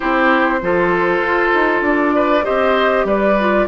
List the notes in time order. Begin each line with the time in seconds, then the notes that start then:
0.00 C4 E4 G4 C5
0.61 F3 F4 A4
1.20 F4
1.54 D#4
1.81 D4 D5
2.15 B4
2.43 C4 G4 C5 D#5
3.04 G3 B4 D5
3.39 F4